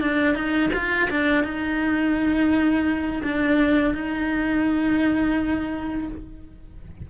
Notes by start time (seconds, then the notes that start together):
0.00 D4
0.34 D#4
0.73 F4
1.10 D4
1.43 D#4
3.23 D4
3.94 D#4